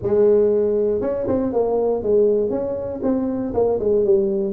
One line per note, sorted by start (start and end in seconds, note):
0.02 1.01 G#3
1.01 1.26 C#4
1.27 1.52 C4
1.52 2.02 A#3
2.02 2.50 G#3
2.50 3.00 C#4
3.02 3.53 C4
3.54 3.79 A#3
3.79 4.04 G#3
4.04 4.53 G3